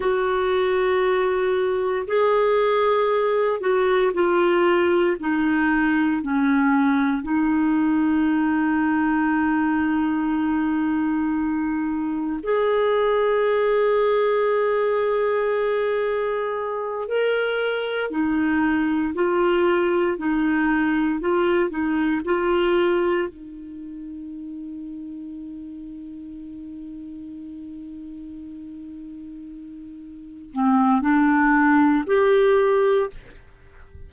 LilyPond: \new Staff \with { instrumentName = "clarinet" } { \time 4/4 \tempo 4 = 58 fis'2 gis'4. fis'8 | f'4 dis'4 cis'4 dis'4~ | dis'1 | gis'1~ |
gis'8 ais'4 dis'4 f'4 dis'8~ | dis'8 f'8 dis'8 f'4 dis'4.~ | dis'1~ | dis'4. c'8 d'4 g'4 | }